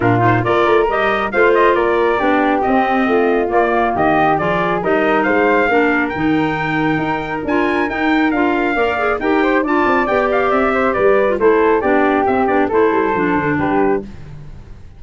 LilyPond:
<<
  \new Staff \with { instrumentName = "trumpet" } { \time 4/4 \tempo 4 = 137 ais'8 c''8 d''4 dis''4 f''8 dis''8 | d''2 dis''2 | d''4 dis''4 d''4 dis''4 | f''2 g''2~ |
g''4 gis''4 g''4 f''4~ | f''4 g''4 a''4 g''8 f''8 | e''4 d''4 c''4 d''4 | e''8 d''8 c''2 b'4 | }
  \new Staff \with { instrumentName = "flute" } { \time 4/4 f'4 ais'2 c''4 | ais'4 g'2 f'4~ | f'4 g'4 gis'4 ais'4 | c''4 ais'2.~ |
ais'1 | d''4 ais'8 c''8 d''2~ | d''8 c''8 b'4 a'4 g'4~ | g'4 a'2 g'4 | }
  \new Staff \with { instrumentName = "clarinet" } { \time 4/4 d'8 dis'8 f'4 g'4 f'4~ | f'4 d'4 c'2 | ais2 f'4 dis'4~ | dis'4 d'4 dis'2~ |
dis'4 f'4 dis'4 f'4 | ais'8 gis'8 g'4 f'4 g'4~ | g'4.~ g'16 f'16 e'4 d'4 | c'8 d'8 e'4 d'2 | }
  \new Staff \with { instrumentName = "tuba" } { \time 4/4 ais,4 ais8 a8 g4 a4 | ais4 b4 c'4 a4 | ais4 dis4 f4 g4 | gis4 ais4 dis2 |
dis'4 d'4 dis'4 d'4 | ais4 dis'4 d'8 c'8 b4 | c'4 g4 a4 b4 | c'8 b8 a8 g8 f8 d8 g4 | }
>>